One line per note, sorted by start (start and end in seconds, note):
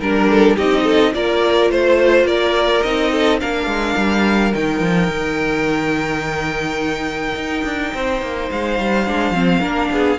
0.00 0.57 G3
0.00 0.58 D4
0.00 0.57 A#4
0.00 0.31 A#4
0.31 0.56 A4
0.56 1.15 C4
0.56 1.14 D#4
0.56 0.84 G4
0.56 1.14 D#5
0.84 1.12 A4
1.14 1.71 A#3
1.14 2.83 F4
1.14 1.71 A#4
1.14 1.71 D5
1.71 2.24 A3
1.71 2.26 C5
1.71 2.28 C5
2.24 2.81 A#3
2.24 3.11 A#4
2.24 2.83 D5
2.83 3.41 C4
2.83 3.40 D#4
2.83 3.39 D#5
3.12 3.40 A4
3.40 3.66 A#3
3.40 4.53 D4
3.40 7.94 A#4
3.40 4.54 F5
3.66 3.95 G#3
3.97 4.54 G3
4.54 4.80 D#3
4.54 9.07 D#4
4.54 8.50 G5
4.80 5.08 F3
5.08 7.35 D#3
7.35 7.64 D#4
7.64 7.93 D4
7.94 8.22 C4
7.94 9.61 C5
8.22 8.50 A#3
8.52 8.79 G#3
8.52 10.19 F5
8.79 9.08 G3
9.07 9.31 G#3
9.07 9.34 D4
9.31 9.59 F3
9.31 9.61 C4
9.61 9.90 A#3
9.61 10.18 D4
9.61 9.89 A#4
9.91 10.19 B3
9.91 10.19 G#4